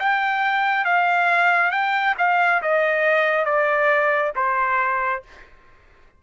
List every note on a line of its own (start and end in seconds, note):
0.00 0.85 G5
0.85 1.72 F5
1.72 2.15 G5
2.19 2.62 F5
2.62 3.45 D#5
3.45 4.32 D5
4.36 5.23 C5